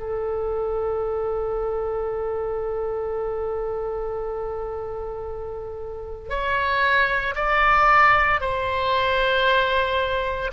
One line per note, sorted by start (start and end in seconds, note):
0.00 6.30 A4
6.30 7.35 C#5
7.35 8.41 D5
8.41 10.51 C5